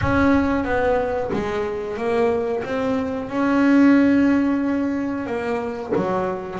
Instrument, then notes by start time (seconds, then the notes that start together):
double bass
0.01 C#4
0.64 B3
1.33 G#3
1.97 A#3
2.64 C4
3.29 C#4
5.26 A#3
5.96 F#3